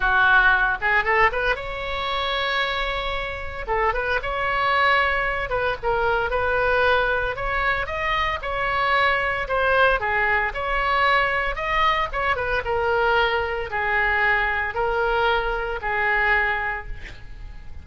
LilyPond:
\new Staff \with { instrumentName = "oboe" } { \time 4/4 \tempo 4 = 114 fis'4. gis'8 a'8 b'8 cis''4~ | cis''2. a'8 b'8 | cis''2~ cis''8 b'8 ais'4 | b'2 cis''4 dis''4 |
cis''2 c''4 gis'4 | cis''2 dis''4 cis''8 b'8 | ais'2 gis'2 | ais'2 gis'2 | }